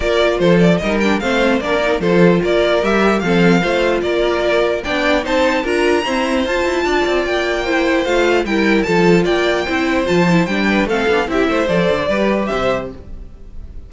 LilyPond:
<<
  \new Staff \with { instrumentName = "violin" } { \time 4/4 \tempo 4 = 149 d''4 c''8 d''8 dis''8 g''8 f''4 | d''4 c''4 d''4 e''4 | f''2 d''2 | g''4 a''4 ais''2 |
a''2 g''2 | f''4 g''4 a''4 g''4~ | g''4 a''4 g''4 f''4 | e''4 d''2 e''4 | }
  \new Staff \with { instrumentName = "violin" } { \time 4/4 ais'4 a'4 ais'4 c''4 | ais'4 a'4 ais'2 | a'4 c''4 ais'2 | d''4 c''4 ais'4 c''4~ |
c''4 d''2 c''4~ | c''4 ais'4 a'4 d''4 | c''2~ c''8 b'8 a'4 | g'8 c''4. b'4 c''4 | }
  \new Staff \with { instrumentName = "viola" } { \time 4/4 f'2 dis'8 d'8 c'4 | d'8 dis'8 f'2 g'4 | c'4 f'2. | d'4 dis'4 f'4 c'4 |
f'2. e'4 | f'4 e'4 f'2 | e'4 f'8 e'8 d'4 c'8 d'8 | e'4 a'4 g'2 | }
  \new Staff \with { instrumentName = "cello" } { \time 4/4 ais4 f4 g4 a4 | ais4 f4 ais4 g4 | f4 a4 ais2 | b4 c'4 d'4 e'4 |
f'8 e'8 d'8 c'8 ais2 | a4 g4 f4 ais4 | c'4 f4 g4 a8 b8 | c'8 a8 f8 d8 g4 c4 | }
>>